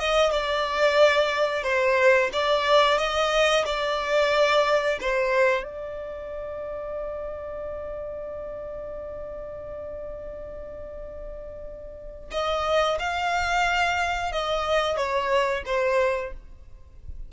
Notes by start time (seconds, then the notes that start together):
0.00 D#5
0.32 D5
1.64 C5
2.33 D5
2.98 D#5
3.66 D5
5.01 C5
5.64 D5
12.32 D#5
13.00 F5
14.32 D#5
14.97 C#5
15.66 C5